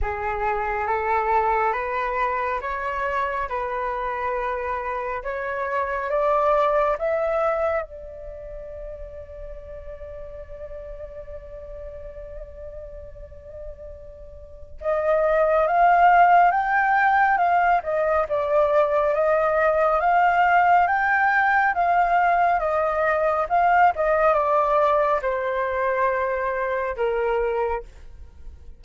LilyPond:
\new Staff \with { instrumentName = "flute" } { \time 4/4 \tempo 4 = 69 gis'4 a'4 b'4 cis''4 | b'2 cis''4 d''4 | e''4 d''2.~ | d''1~ |
d''4 dis''4 f''4 g''4 | f''8 dis''8 d''4 dis''4 f''4 | g''4 f''4 dis''4 f''8 dis''8 | d''4 c''2 ais'4 | }